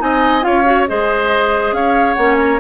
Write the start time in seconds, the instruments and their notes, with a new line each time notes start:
0.00 bassoon C4, clarinet D#4, oboe D#5, flute G#5
0.42 bassoon C#4, clarinet F4, oboe C#5, flute F5
0.65 clarinet F#4
0.88 bassoon G#3, clarinet G#4, oboe C5, flute D#5
1.72 bassoon C#4, oboe C#5, flute F5
2.14 bassoon A#3, clarinet C#4, flute F#5
2.39 flute A#5